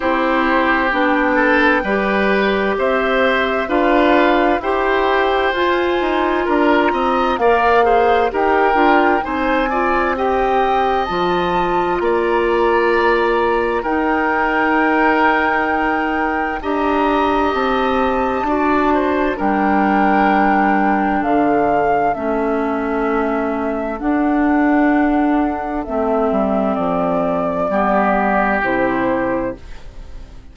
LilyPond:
<<
  \new Staff \with { instrumentName = "flute" } { \time 4/4 \tempo 4 = 65 c''4 g''2 e''4 | f''4 g''4 gis''4 ais''4 | f''4 g''4 gis''4 g''4 | a''4 ais''2 g''4~ |
g''2 ais''4 a''4~ | a''4 g''2 f''4 | e''2 fis''2 | e''4 d''2 c''4 | }
  \new Staff \with { instrumentName = "oboe" } { \time 4/4 g'4. a'8 b'4 c''4 | b'4 c''2 ais'8 dis''8 | d''8 c''8 ais'4 c''8 d''8 dis''4~ | dis''4 d''2 ais'4~ |
ais'2 dis''2 | d''8 c''8 ais'2 a'4~ | a'1~ | a'2 g'2 | }
  \new Staff \with { instrumentName = "clarinet" } { \time 4/4 e'4 d'4 g'2 | f'4 g'4 f'2 | ais'8 gis'8 g'8 f'8 dis'8 f'8 g'4 | f'2. dis'4~ |
dis'2 g'2 | fis'4 d'2. | cis'2 d'2 | c'2 b4 e'4 | }
  \new Staff \with { instrumentName = "bassoon" } { \time 4/4 c'4 b4 g4 c'4 | d'4 e'4 f'8 dis'8 d'8 c'8 | ais4 dis'8 d'8 c'2 | f4 ais2 dis'4~ |
dis'2 d'4 c'4 | d'4 g2 d4 | a2 d'2 | a8 g8 f4 g4 c4 | }
>>